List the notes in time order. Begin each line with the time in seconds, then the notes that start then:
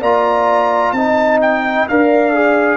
0.00 A#3 F4 D5 A#5
0.92 C4 D#4 D#5 A5
1.41 G5
1.88 D4 A#4 D5 F5
2.33 G#4